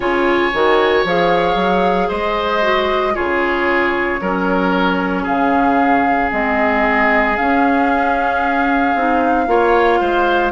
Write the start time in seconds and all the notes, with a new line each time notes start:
0.00 C#3 F4 C#5 G#5
0.53 D#3 F#4
1.04 F3 G#4 F5
1.55 F#3
2.08 G#3 C5 D#5
2.61 F#4
3.13 C#3 F4 G#4 C#5
4.20 F#3 C#4 A#4
5.23 C#3 G#4 F5
6.30 G#3 C4 D#5
7.36 C#4 F5
8.94 C4 D#4
9.46 A#3 F4 C#5
10.00 G#3 C5